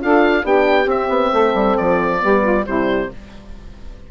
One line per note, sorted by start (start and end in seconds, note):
0.00 0.44 D4
0.00 0.43 F4
0.00 0.43 A4
0.00 0.46 F5
0.43 0.86 B3
0.43 0.87 D4
0.43 1.31 G4
0.43 0.90 G5
0.86 1.08 C4
0.86 2.20 C4
0.86 1.77 E5
1.09 1.31 B3
1.31 1.54 A3
1.31 2.19 A4
1.54 1.76 G3
1.77 2.23 F3
1.77 2.66 D5
2.20 2.67 G3
2.20 2.64 B3
2.20 2.42 G4
2.42 2.64 F4
2.65 3.11 C3
2.65 3.11 G3
2.65 3.10 E4
2.65 3.10 C5